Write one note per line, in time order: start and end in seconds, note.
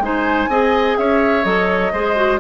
0.00 0.48 G#3
0.00 0.50 D#4
0.00 0.50 C5
0.00 0.98 G#5
0.49 0.97 C4
0.49 1.45 G#4
0.49 0.98 D#5
0.98 1.45 C#4
0.98 1.93 C#5
0.98 1.45 E5
1.45 1.93 F#3
1.45 1.92 A4
1.45 2.40 D#5
1.93 2.40 G#3
1.93 2.16 G#4
1.93 2.40 C5
2.16 2.40 F#4